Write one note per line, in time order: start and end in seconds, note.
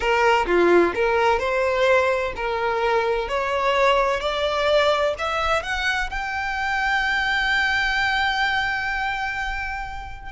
0.00 0.46 A#4
0.46 0.93 F4
0.95 1.39 A#4
1.39 2.33 C5
2.36 3.28 A#4
3.28 4.20 C#5
4.20 5.14 D5
5.18 5.62 E5
5.62 6.09 F#5
6.10 10.31 G5